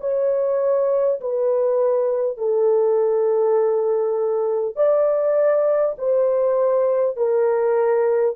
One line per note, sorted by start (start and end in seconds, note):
0.00 1.20 C#5
1.21 2.37 B4
2.37 4.76 A4
4.76 5.96 D5
5.98 7.17 C5
7.17 8.36 A#4